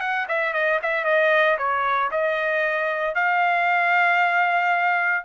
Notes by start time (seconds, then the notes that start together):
0.00 F#5
0.28 E5
0.53 D#5
0.82 E5
1.04 D#5
1.58 C#5
2.11 D#5
3.15 F5